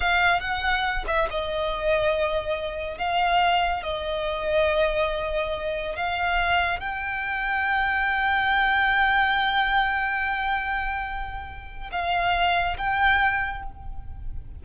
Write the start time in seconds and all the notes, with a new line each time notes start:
0.00 F5
0.40 F#5
1.07 E5
1.30 D#5
2.98 F5
3.83 D#5
5.96 F5
6.79 G5
11.91 F5
12.77 G5